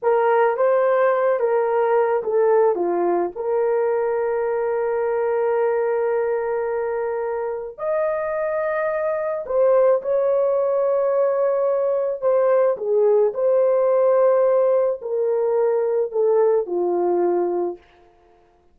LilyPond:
\new Staff \with { instrumentName = "horn" } { \time 4/4 \tempo 4 = 108 ais'4 c''4. ais'4. | a'4 f'4 ais'2~ | ais'1~ | ais'2 dis''2~ |
dis''4 c''4 cis''2~ | cis''2 c''4 gis'4 | c''2. ais'4~ | ais'4 a'4 f'2 | }